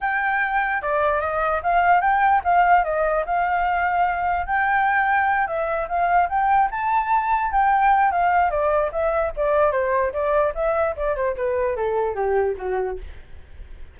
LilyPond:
\new Staff \with { instrumentName = "flute" } { \time 4/4 \tempo 4 = 148 g''2 d''4 dis''4 | f''4 g''4 f''4 dis''4 | f''2. g''4~ | g''4. e''4 f''4 g''8~ |
g''8 a''2 g''4. | f''4 d''4 e''4 d''4 | c''4 d''4 e''4 d''8 c''8 | b'4 a'4 g'4 fis'4 | }